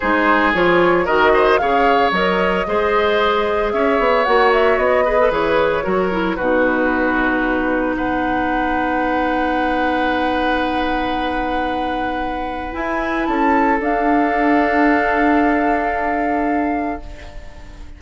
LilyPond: <<
  \new Staff \with { instrumentName = "flute" } { \time 4/4 \tempo 4 = 113 c''4 cis''4 dis''4 f''4 | dis''2. e''4 | fis''8 e''8 dis''4 cis''2 | b'2. fis''4~ |
fis''1~ | fis''1 | gis''4 a''4 f''2~ | f''1 | }
  \new Staff \with { instrumentName = "oboe" } { \time 4/4 gis'2 ais'8 c''8 cis''4~ | cis''4 c''2 cis''4~ | cis''4. b'4. ais'4 | fis'2. b'4~ |
b'1~ | b'1~ | b'4 a'2.~ | a'1 | }
  \new Staff \with { instrumentName = "clarinet" } { \time 4/4 dis'4 f'4 fis'4 gis'4 | ais'4 gis'2. | fis'4. gis'16 a'16 gis'4 fis'8 e'8 | dis'1~ |
dis'1~ | dis'1 | e'2 d'2~ | d'1 | }
  \new Staff \with { instrumentName = "bassoon" } { \time 4/4 gis4 f4 dis4 cis4 | fis4 gis2 cis'8 b8 | ais4 b4 e4 fis4 | b,2. b4~ |
b1~ | b1 | e'4 cis'4 d'2~ | d'1 | }
>>